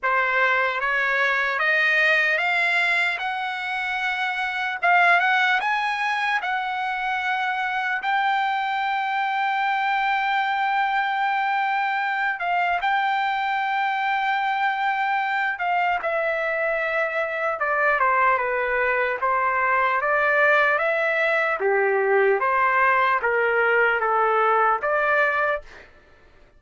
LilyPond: \new Staff \with { instrumentName = "trumpet" } { \time 4/4 \tempo 4 = 75 c''4 cis''4 dis''4 f''4 | fis''2 f''8 fis''8 gis''4 | fis''2 g''2~ | g''2.~ g''8 f''8 |
g''2.~ g''8 f''8 | e''2 d''8 c''8 b'4 | c''4 d''4 e''4 g'4 | c''4 ais'4 a'4 d''4 | }